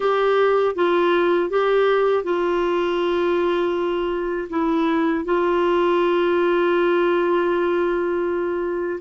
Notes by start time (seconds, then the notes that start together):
0.00 G4
0.75 F4
1.50 G4
2.23 F4
4.49 E4
5.25 F4